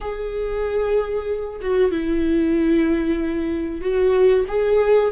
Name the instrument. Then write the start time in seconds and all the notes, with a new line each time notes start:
viola
0.01 G#4
1.61 F#4
1.91 E4
3.81 F#4
4.47 G#4